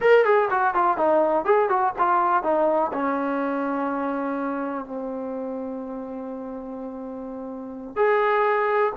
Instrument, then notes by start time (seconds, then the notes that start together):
trombone
0.00 A#4
0.24 G#4
0.50 F#4
0.74 F4
0.97 D#4
1.45 G#4
1.69 F#4
1.98 F4
2.43 D#4
2.93 C#4
4.85 C4
7.96 G#4